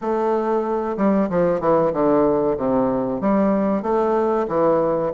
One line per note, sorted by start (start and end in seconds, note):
0.01 0.97 A3
0.97 1.29 G3
1.29 1.60 F3
1.60 1.92 E3
1.93 2.56 D3
2.57 3.21 C3
3.21 3.82 G3
3.82 4.46 A3
4.48 5.12 E3